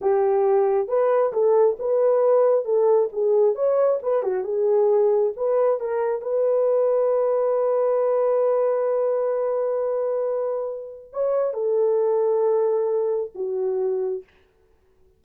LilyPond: \new Staff \with { instrumentName = "horn" } { \time 4/4 \tempo 4 = 135 g'2 b'4 a'4 | b'2 a'4 gis'4 | cis''4 b'8 fis'8 gis'2 | b'4 ais'4 b'2~ |
b'1~ | b'1~ | b'4 cis''4 a'2~ | a'2 fis'2 | }